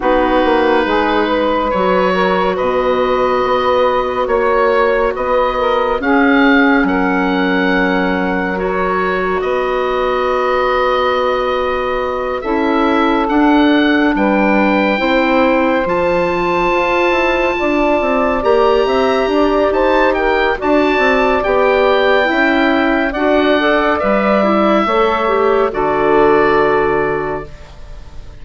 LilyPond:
<<
  \new Staff \with { instrumentName = "oboe" } { \time 4/4 \tempo 4 = 70 b'2 cis''4 dis''4~ | dis''4 cis''4 dis''4 f''4 | fis''2 cis''4 dis''4~ | dis''2~ dis''8 e''4 fis''8~ |
fis''8 g''2 a''4.~ | a''4. ais''4. a''8 g''8 | a''4 g''2 fis''4 | e''2 d''2 | }
  \new Staff \with { instrumentName = "saxophone" } { \time 4/4 fis'4 gis'8 b'4 ais'8 b'4~ | b'4 cis''4 b'8 ais'8 gis'4 | ais'2. b'4~ | b'2~ b'8 a'4.~ |
a'8 b'4 c''2~ c''8~ | c''8 d''4. e''8 d''8 c''8 ais'8 | d''2 e''4 d''4~ | d''4 cis''4 a'2 | }
  \new Staff \with { instrumentName = "clarinet" } { \time 4/4 dis'2 fis'2~ | fis'2. cis'4~ | cis'2 fis'2~ | fis'2~ fis'8 e'4 d'8~ |
d'4. e'4 f'4.~ | f'4. g'2~ g'8 | fis'4 g'4 e'4 fis'8 a'8 | b'8 e'8 a'8 g'8 fis'2 | }
  \new Staff \with { instrumentName = "bassoon" } { \time 4/4 b8 ais8 gis4 fis4 b,4 | b4 ais4 b4 cis'4 | fis2. b4~ | b2~ b8 cis'4 d'8~ |
d'8 g4 c'4 f4 f'8 | e'8 d'8 c'8 ais8 c'8 d'8 dis'4 | d'8 c'8 b4 cis'4 d'4 | g4 a4 d2 | }
>>